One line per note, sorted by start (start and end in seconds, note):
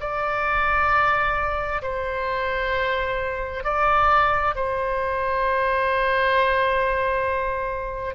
0.00 1.82 D5
1.82 3.64 C5
3.64 4.55 D5
4.55 8.15 C5